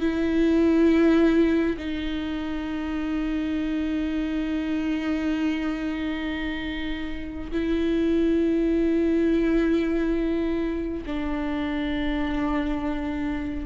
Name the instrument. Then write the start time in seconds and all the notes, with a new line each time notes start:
viola
0.00 E4
1.77 D#4
7.51 E4
11.06 D4